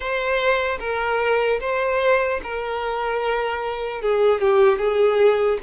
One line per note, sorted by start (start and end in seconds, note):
0.00 0.78 C5
0.79 1.59 A#4
1.60 2.40 C5
2.43 4.01 A#4
4.01 4.40 G#4
4.40 4.78 G4
4.78 5.58 G#4